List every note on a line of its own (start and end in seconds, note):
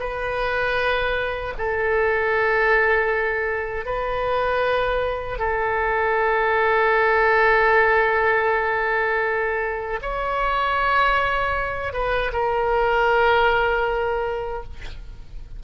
0.00 1.54 B4
1.58 3.86 A4
3.86 5.38 B4
5.38 10.00 A4
10.02 11.93 C#5
11.93 12.31 B4
12.33 14.63 A#4